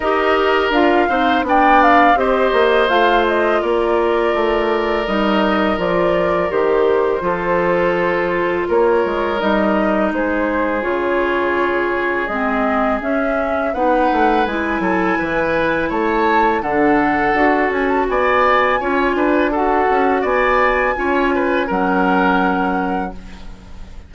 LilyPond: <<
  \new Staff \with { instrumentName = "flute" } { \time 4/4 \tempo 4 = 83 dis''4 f''4 g''8 f''8 dis''4 | f''8 dis''8 d''2 dis''4 | d''4 c''2. | cis''4 dis''4 c''4 cis''4~ |
cis''4 dis''4 e''4 fis''4 | gis''2 a''4 fis''4~ | fis''8 gis''16 a''16 gis''2 fis''4 | gis''2 fis''2 | }
  \new Staff \with { instrumentName = "oboe" } { \time 4/4 ais'4. c''8 d''4 c''4~ | c''4 ais'2.~ | ais'2 a'2 | ais'2 gis'2~ |
gis'2. b'4~ | b'8 a'8 b'4 cis''4 a'4~ | a'4 d''4 cis''8 b'8 a'4 | d''4 cis''8 b'8 ais'2 | }
  \new Staff \with { instrumentName = "clarinet" } { \time 4/4 g'4 f'8 dis'8 d'4 g'4 | f'2. dis'4 | f'4 g'4 f'2~ | f'4 dis'2 f'4~ |
f'4 c'4 cis'4 dis'4 | e'2. d'4 | fis'2 f'4 fis'4~ | fis'4 f'4 cis'2 | }
  \new Staff \with { instrumentName = "bassoon" } { \time 4/4 dis'4 d'8 c'8 b4 c'8 ais8 | a4 ais4 a4 g4 | f4 dis4 f2 | ais8 gis8 g4 gis4 cis4~ |
cis4 gis4 cis'4 b8 a8 | gis8 fis8 e4 a4 d4 | d'8 cis'8 b4 cis'8 d'4 cis'8 | b4 cis'4 fis2 | }
>>